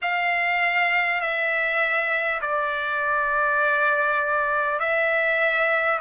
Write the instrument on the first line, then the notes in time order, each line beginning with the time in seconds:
trumpet
0.02 F5
1.21 E5
2.41 D5
4.79 E5